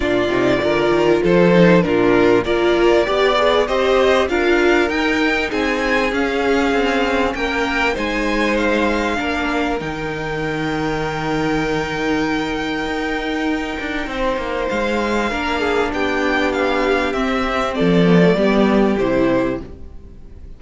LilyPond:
<<
  \new Staff \with { instrumentName = "violin" } { \time 4/4 \tempo 4 = 98 d''2 c''4 ais'4 | d''2 dis''4 f''4 | g''4 gis''4 f''2 | g''4 gis''4 f''2 |
g''1~ | g''1 | f''2 g''4 f''4 | e''4 d''2 c''4 | }
  \new Staff \with { instrumentName = "violin" } { \time 4/4 f'4 ais'4 a'4 f'4 | ais'4 d''4 c''4 ais'4~ | ais'4 gis'2. | ais'4 c''2 ais'4~ |
ais'1~ | ais'2. c''4~ | c''4 ais'8 gis'8 g'2~ | g'4 a'4 g'2 | }
  \new Staff \with { instrumentName = "viola" } { \time 4/4 d'8 dis'8 f'4. dis'8 d'4 | f'4 g'8 gis'8 g'4 f'4 | dis'2 cis'2~ | cis'4 dis'2 d'4 |
dis'1~ | dis'1~ | dis'4 d'2. | c'4. b16 a16 b4 e'4 | }
  \new Staff \with { instrumentName = "cello" } { \time 4/4 ais,8 c8 d8 dis8 f4 ais,4 | ais4 b4 c'4 d'4 | dis'4 c'4 cis'4 c'4 | ais4 gis2 ais4 |
dis1~ | dis4 dis'4. d'8 c'8 ais8 | gis4 ais4 b2 | c'4 f4 g4 c4 | }
>>